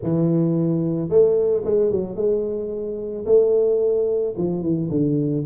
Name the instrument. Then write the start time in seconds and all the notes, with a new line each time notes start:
tuba
0.02 E3
1.09 A3
1.64 G#3
1.91 F#3
2.16 G#3
3.25 A3
4.37 F3
4.62 E3
4.90 D3